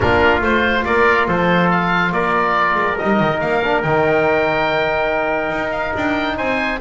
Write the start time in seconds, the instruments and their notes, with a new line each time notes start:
0.00 double bass A#3, trombone D4, trumpet F4, oboe A#4
0.41 double bass A3, trombone F4, oboe C5
0.84 double bass A#3, trumpet A#4, oboe D5
1.27 double bass F3, trumpet A4, oboe C5
1.70 oboe F5
2.11 double bass A#3, trumpet A#4, oboe D5
2.75 double bass G#3
2.98 double bass G3, trombone D#4, oboe D#5
3.19 double bass D#3
3.40 double bass A#3, oboe F5
3.64 trombone D4
3.82 double bass D#3, trombone D#4, oboe G5
5.50 double bass D#4
5.71 oboe F5
5.96 double bass D4, oboe G5
6.37 double bass C4, trumpet C5, oboe G#5